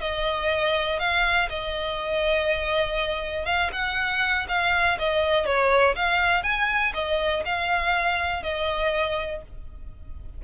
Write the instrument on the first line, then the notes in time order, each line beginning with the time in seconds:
violin
0.00 D#5
0.99 F5
1.49 D#5
3.45 F5
3.72 F#5
4.48 F5
4.98 D#5
5.45 C#5
5.95 F5
6.43 G#5
6.94 D#5
7.45 F5
8.43 D#5